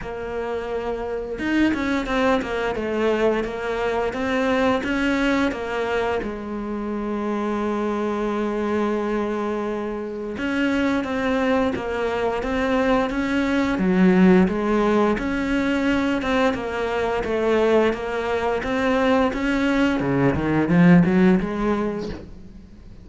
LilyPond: \new Staff \with { instrumentName = "cello" } { \time 4/4 \tempo 4 = 87 ais2 dis'8 cis'8 c'8 ais8 | a4 ais4 c'4 cis'4 | ais4 gis2.~ | gis2. cis'4 |
c'4 ais4 c'4 cis'4 | fis4 gis4 cis'4. c'8 | ais4 a4 ais4 c'4 | cis'4 cis8 dis8 f8 fis8 gis4 | }